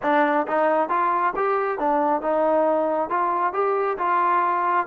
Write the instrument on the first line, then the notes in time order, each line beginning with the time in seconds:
trombone
0.02 D4
0.47 D#4
0.89 F4
1.36 G4
1.79 D4
2.21 D#4
3.09 F4
3.53 G4
3.98 F4